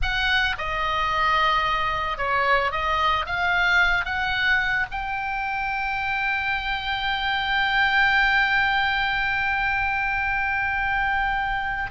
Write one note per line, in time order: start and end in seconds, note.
0.01 0.56 F#5
0.58 2.17 D#5
2.17 2.71 C#5
2.71 3.25 D#5
3.26 4.05 F5
4.05 4.86 F#5
4.91 11.91 G5